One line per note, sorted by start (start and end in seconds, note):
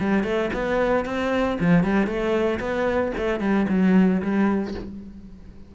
0.00 0.23 G3
0.23 0.50 A3
0.53 1.05 B3
1.05 1.58 C4
1.60 1.84 F3
1.84 2.07 G3
2.07 2.59 A3
2.59 3.12 B3
3.17 3.40 A3
3.40 3.66 G3
3.69 4.22 F#3
4.22 4.74 G3